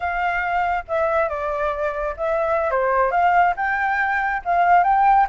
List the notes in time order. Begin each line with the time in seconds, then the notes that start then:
0.00 F5
0.88 E5
1.28 D5
2.16 E5
2.70 C5
3.11 F5
3.56 G5
4.44 F5
4.83 G5